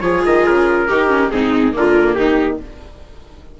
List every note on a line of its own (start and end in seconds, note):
0.00 0.23 F3
0.00 0.88 F4
0.00 0.87 G#4
0.00 0.21 C#5
0.25 0.47 D#3
0.25 0.46 D#5
0.46 0.89 C#3
0.46 1.31 A#4
0.87 1.31 D#3
0.87 1.08 D#4
0.87 1.30 G4
1.08 1.29 C#4
1.31 1.75 G#2
1.31 1.72 C4
1.31 1.76 D#4
1.31 1.74 G#4
1.72 2.17 D3
1.72 2.58 A#3
1.72 2.17 F4
1.72 2.14 A#4
2.14 2.60 D#3
2.14 2.60 D#4
2.14 2.57 G4